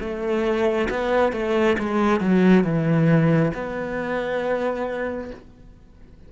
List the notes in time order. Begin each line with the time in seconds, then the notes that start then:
0.00 A3
0.90 B3
1.32 A3
1.78 G#3
2.21 F#3
2.64 E3
3.54 B3